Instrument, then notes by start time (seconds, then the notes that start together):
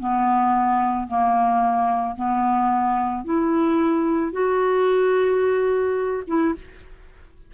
clarinet
0.00 B3
1.08 A#3
2.16 B3
3.25 E4
4.32 F#4
6.27 E4